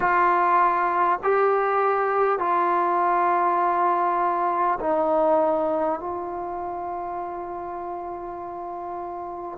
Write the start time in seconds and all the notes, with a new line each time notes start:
0.00 F4
1.23 G4
2.38 F4
4.80 D#4
5.99 F4